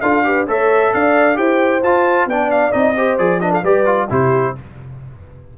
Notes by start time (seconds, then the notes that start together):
0.00 D4 F4 A4 F5
0.24 G4 B4
0.47 A3 A4 C#5 E5
0.93 D4 D5 F5
1.34 E4 G4 C5 G5
1.83 F4 A5
2.26 B3 D4 D5 G5
2.50 F5
2.71 C4 D#4 D#5
2.96 G4 C5
3.18 F3 G#4 D5
3.40 D4 B4 D#5
3.50 A4 F5
3.63 G3 G4 B4 D5
3.85 F4
4.09 C3 E4 G4 C5